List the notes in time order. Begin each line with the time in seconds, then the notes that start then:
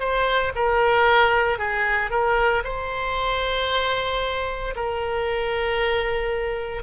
0.00 C5
0.56 A#4
1.59 G#4
2.11 A#4
2.64 C5
4.76 A#4